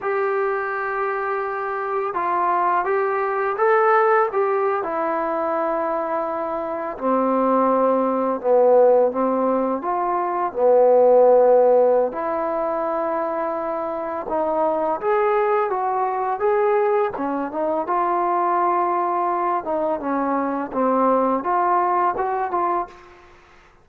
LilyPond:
\new Staff \with { instrumentName = "trombone" } { \time 4/4 \tempo 4 = 84 g'2. f'4 | g'4 a'4 g'8. e'4~ e'16~ | e'4.~ e'16 c'2 b16~ | b8. c'4 f'4 b4~ b16~ |
b4 e'2. | dis'4 gis'4 fis'4 gis'4 | cis'8 dis'8 f'2~ f'8 dis'8 | cis'4 c'4 f'4 fis'8 f'8 | }